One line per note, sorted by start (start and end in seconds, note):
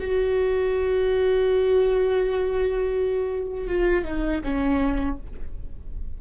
0.00 3.68 F#4
3.68 4.05 F4
4.05 4.42 D#4
4.44 5.18 C#4